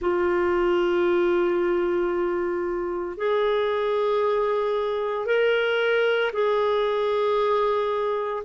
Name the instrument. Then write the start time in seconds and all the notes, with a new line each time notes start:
clarinet
0.01 F4
3.17 G#4
5.26 A#4
6.33 G#4